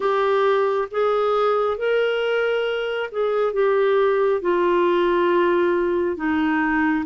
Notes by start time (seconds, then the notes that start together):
0.00 G4
0.91 G#4
1.77 A#4
3.11 G#4
3.53 G4
4.41 F4
6.16 D#4